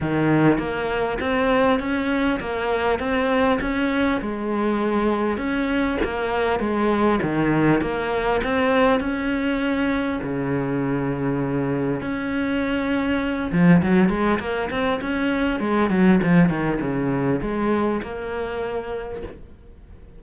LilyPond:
\new Staff \with { instrumentName = "cello" } { \time 4/4 \tempo 4 = 100 dis4 ais4 c'4 cis'4 | ais4 c'4 cis'4 gis4~ | gis4 cis'4 ais4 gis4 | dis4 ais4 c'4 cis'4~ |
cis'4 cis2. | cis'2~ cis'8 f8 fis8 gis8 | ais8 c'8 cis'4 gis8 fis8 f8 dis8 | cis4 gis4 ais2 | }